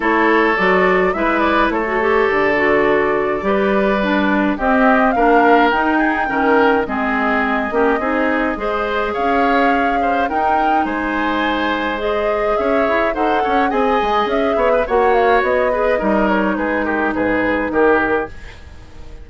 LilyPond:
<<
  \new Staff \with { instrumentName = "flute" } { \time 4/4 \tempo 4 = 105 cis''4 d''4 e''8 d''8 cis''4 | d''1 | dis''4 f''4 g''2 | dis''1 |
f''2 g''4 gis''4~ | gis''4 dis''4 e''4 fis''4 | gis''4 e''4 fis''8 f''8 dis''4~ | dis''8 cis''8 b'8 ais'8 b'4 ais'4 | }
  \new Staff \with { instrumentName = "oboe" } { \time 4/4 a'2 b'4 a'4~ | a'2 b'2 | g'4 ais'4. gis'8 ais'4 | gis'4. g'8 gis'4 c''4 |
cis''4. c''8 ais'4 c''4~ | c''2 cis''4 c''8 cis''8 | dis''4. cis''16 b'16 cis''4. b'8 | ais'4 gis'8 g'8 gis'4 g'4 | }
  \new Staff \with { instrumentName = "clarinet" } { \time 4/4 e'4 fis'4 e'4~ e'16 fis'16 g'8~ | g'8 fis'4. g'4 d'4 | c'4 d'4 dis'4 cis'4 | c'4. cis'8 dis'4 gis'4~ |
gis'2 dis'2~ | dis'4 gis'2 a'4 | gis'2 fis'4. gis'8 | dis'1 | }
  \new Staff \with { instrumentName = "bassoon" } { \time 4/4 a4 fis4 gis4 a4 | d2 g2 | c'4 ais4 dis'4 dis4 | gis4. ais8 c'4 gis4 |
cis'2 dis'4 gis4~ | gis2 cis'8 e'8 dis'8 cis'8 | c'8 gis8 cis'8 b8 ais4 b4 | g4 gis4 gis,4 dis4 | }
>>